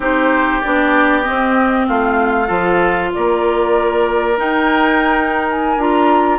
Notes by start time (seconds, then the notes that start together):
0.00 C4 D#4 G4 C5
0.60 B3 D4 D5
1.23 C4 D#5
1.87 A3 F4 F5
2.46 F3 F4 A4
3.13 A#3 A#4 D5
4.37 D#4 G5
5.50 G#5
5.76 D4 F4 A#5